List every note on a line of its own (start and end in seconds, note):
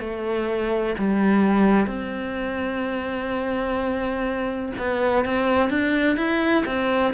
0.00 0.95 A3
0.99 1.87 G3
1.87 4.73 C4
4.78 5.25 B3
5.25 5.70 C4
5.70 6.17 D4
6.17 6.65 E4
6.66 7.14 C4